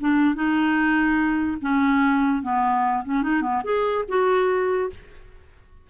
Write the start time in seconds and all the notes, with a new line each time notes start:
0.00 D4
0.35 D#4
1.61 C#4
2.42 B3
3.04 C#4
3.22 D#4
3.42 B3
3.63 G#4
4.08 F#4